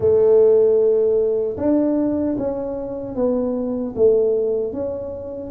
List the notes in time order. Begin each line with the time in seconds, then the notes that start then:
0.00 A3
1.57 D4
2.37 C#4
3.15 B3
3.95 A3
4.72 C#4